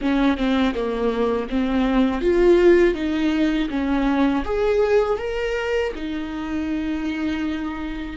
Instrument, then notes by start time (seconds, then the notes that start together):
viola
0.01 C#4
0.37 C4
0.74 A#3
1.49 C4
2.21 F4
2.94 D#4
3.69 C#4
4.44 G#4
5.18 A#4
5.95 D#4